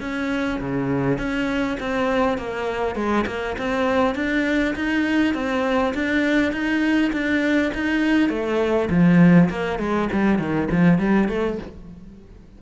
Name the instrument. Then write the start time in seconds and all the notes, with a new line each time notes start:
cello
0.00 C#4
0.60 C#3
1.18 C#4
1.79 C4
2.37 A#3
2.95 G#3
3.26 A#3
3.58 C4
4.15 D4
4.75 D#4
5.34 C4
5.94 D4
6.52 D#4
7.12 D4
7.74 D#4
8.29 A3
8.90 F3
9.50 A#3
9.79 G#3
10.12 G3
10.39 D#3
10.71 F3
10.98 G3
11.28 A3